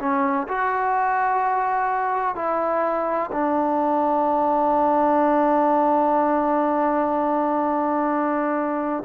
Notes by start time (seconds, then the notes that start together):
0.00 C#4
0.48 F#4
2.35 E4
3.32 D4